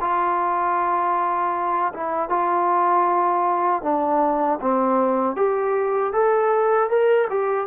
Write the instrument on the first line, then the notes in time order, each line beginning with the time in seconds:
trombone
0.00 F4
1.94 E4
2.29 F4
3.82 D4
4.61 C4
5.36 G4
6.13 A4
6.90 A#4
7.30 G4